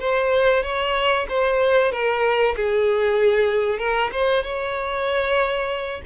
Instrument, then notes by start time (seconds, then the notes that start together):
violin
0.00 C5
0.63 C#5
1.29 C5
1.92 A#4
2.57 G#4
3.79 A#4
4.12 C5
4.44 C#5